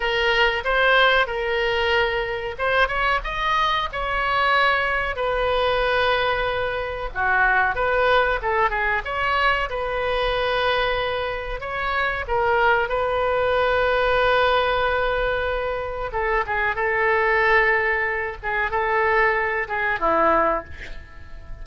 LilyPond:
\new Staff \with { instrumentName = "oboe" } { \time 4/4 \tempo 4 = 93 ais'4 c''4 ais'2 | c''8 cis''8 dis''4 cis''2 | b'2. fis'4 | b'4 a'8 gis'8 cis''4 b'4~ |
b'2 cis''4 ais'4 | b'1~ | b'4 a'8 gis'8 a'2~ | a'8 gis'8 a'4. gis'8 e'4 | }